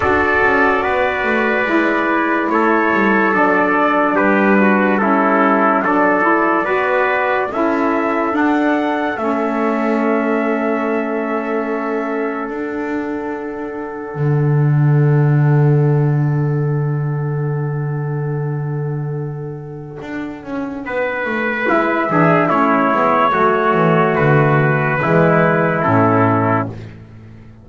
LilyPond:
<<
  \new Staff \with { instrumentName = "trumpet" } { \time 4/4 \tempo 4 = 72 d''2. cis''4 | d''4 b'4 a'4 d''4~ | d''4 e''4 fis''4 e''4~ | e''2. fis''4~ |
fis''1~ | fis''1~ | fis''2 e''4 cis''4~ | cis''4 b'2 a'4 | }
  \new Staff \with { instrumentName = "trumpet" } { \time 4/4 a'4 b'2 a'4~ | a'4 g'8 fis'8 e'4 a'4 | b'4 a'2.~ | a'1~ |
a'1~ | a'1~ | a'4 b'4. gis'8 e'4 | fis'2 e'2 | }
  \new Staff \with { instrumentName = "saxophone" } { \time 4/4 fis'2 e'2 | d'2 cis'4 d'8 e'8 | fis'4 e'4 d'4 cis'4~ | cis'2. d'4~ |
d'1~ | d'1~ | d'2 e'8 d'8 cis'8 b8 | a2 gis4 cis'4 | }
  \new Staff \with { instrumentName = "double bass" } { \time 4/4 d'8 cis'8 b8 a8 gis4 a8 g8 | fis4 g2 fis4 | b4 cis'4 d'4 a4~ | a2. d'4~ |
d'4 d2.~ | d1 | d'8 cis'8 b8 a8 gis8 e8 a8 gis8 | fis8 e8 d4 e4 a,4 | }
>>